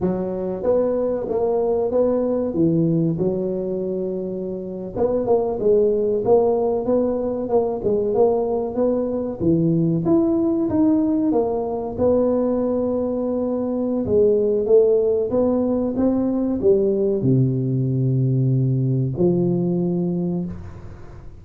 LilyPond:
\new Staff \with { instrumentName = "tuba" } { \time 4/4 \tempo 4 = 94 fis4 b4 ais4 b4 | e4 fis2~ fis8. b16~ | b16 ais8 gis4 ais4 b4 ais16~ | ais16 gis8 ais4 b4 e4 e'16~ |
e'8. dis'4 ais4 b4~ b16~ | b2 gis4 a4 | b4 c'4 g4 c4~ | c2 f2 | }